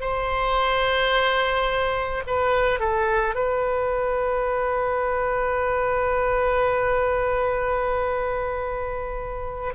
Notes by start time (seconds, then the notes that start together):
0.00 C5
2.27 B4
2.79 A4
3.34 B4